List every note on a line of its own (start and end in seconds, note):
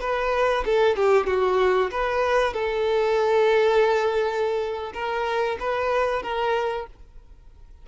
0.00 0.64 B4
0.65 0.96 A4
0.96 1.26 G4
1.26 1.90 F#4
1.91 2.53 B4
2.53 4.92 A4
4.94 5.57 A#4
5.59 6.22 B4
6.22 6.86 A#4